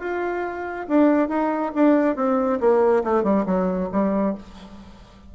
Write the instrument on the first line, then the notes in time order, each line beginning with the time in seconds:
bassoon
0.00 F4
0.89 D4
1.29 D#4
1.75 D4
2.16 C4
2.60 A#3
3.04 A3
3.24 G3
3.46 F#3
3.92 G3